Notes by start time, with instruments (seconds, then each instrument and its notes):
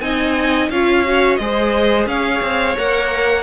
0.00 cello C4, viola D#4, violin D#5 G#5
0.69 cello C#4, viola F4, violin C#5 F5
1.05 viola F#4
1.36 cello G#3, viola G#4, violin C5 D#5
2.06 cello C#4, violin C#5 F5
2.42 cello C4
2.76 cello A#3, viola A#4, violin F#5